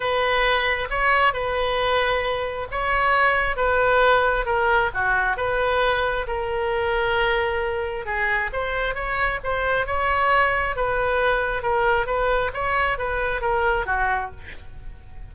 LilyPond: \new Staff \with { instrumentName = "oboe" } { \time 4/4 \tempo 4 = 134 b'2 cis''4 b'4~ | b'2 cis''2 | b'2 ais'4 fis'4 | b'2 ais'2~ |
ais'2 gis'4 c''4 | cis''4 c''4 cis''2 | b'2 ais'4 b'4 | cis''4 b'4 ais'4 fis'4 | }